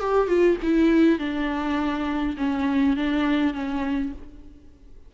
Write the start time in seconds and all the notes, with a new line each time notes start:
0.00 G4
0.28 F4
0.63 E4
1.19 D4
2.37 C#4
2.97 D4
3.54 C#4